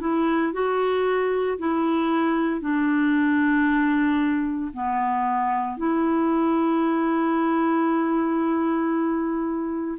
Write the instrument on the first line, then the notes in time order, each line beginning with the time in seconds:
clarinet
0.00 E4
0.53 F#4
1.59 E4
2.61 D4
4.73 B3
5.78 E4